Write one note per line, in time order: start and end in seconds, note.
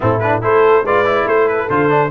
0.00 0.43 A2
0.00 0.20 C4
0.00 0.41 E4
0.00 0.19 A4
0.19 0.41 D4
0.19 0.40 B4
0.41 0.83 A3
0.41 0.84 E4
0.41 0.83 A4
0.41 0.85 C5
0.83 1.25 G#3
0.83 1.05 F4
0.83 1.25 B4
0.83 1.28 D5
1.05 1.68 E4
1.26 1.68 A3
1.26 2.10 A4
1.26 1.48 C5
1.48 1.69 B4
1.69 2.10 D3
1.69 1.89 F4
1.69 2.10 C5
1.89 2.10 D4